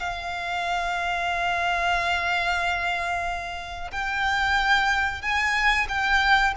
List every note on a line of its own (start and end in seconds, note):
0.00 3.91 F5
3.92 5.22 G5
5.22 5.87 G#5
5.89 6.54 G5